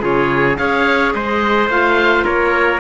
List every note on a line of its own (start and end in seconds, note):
0.00 0.58 C#3
0.00 0.56 F4
0.00 0.58 G#4
0.00 0.57 C#5
0.57 1.14 C#4
0.57 1.69 G#4
0.57 1.14 C#5
0.57 1.13 F5
1.14 1.68 G#3
1.14 2.25 C5
1.14 1.70 D#5
1.68 2.25 A3
1.68 2.80 F4
1.68 2.25 F5
2.25 2.80 A#3
2.25 2.80 A#4
2.25 2.80 C#5